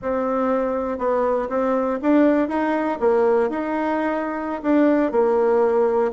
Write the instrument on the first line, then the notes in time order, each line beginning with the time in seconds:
bassoon
0.02 C4
0.98 B3
1.49 C4
2.02 D4
2.48 D#4
3.00 A#3
3.49 D#4
4.62 D4
5.11 A#3